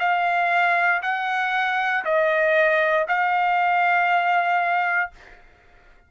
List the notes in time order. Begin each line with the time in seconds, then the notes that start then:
0.00 F5
1.03 F#5
2.05 D#5
3.08 F5